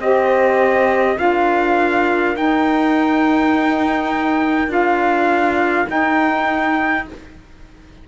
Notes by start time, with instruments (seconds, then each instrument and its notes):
0.00 cello C4, saxophone G4, horn C5, trumpet D#5
1.17 cello D4, saxophone F4, horn A#4, trumpet F5
2.36 saxophone D#4, cello D#4, trumpet G5
4.68 cello D4, saxophone F4, trumpet F5
5.87 saxophone D#4, cello D#4, trumpet G5